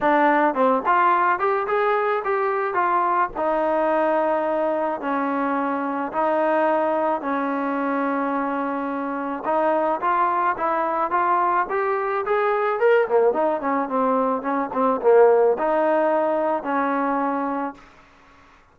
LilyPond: \new Staff \with { instrumentName = "trombone" } { \time 4/4 \tempo 4 = 108 d'4 c'8 f'4 g'8 gis'4 | g'4 f'4 dis'2~ | dis'4 cis'2 dis'4~ | dis'4 cis'2.~ |
cis'4 dis'4 f'4 e'4 | f'4 g'4 gis'4 ais'8 ais8 | dis'8 cis'8 c'4 cis'8 c'8 ais4 | dis'2 cis'2 | }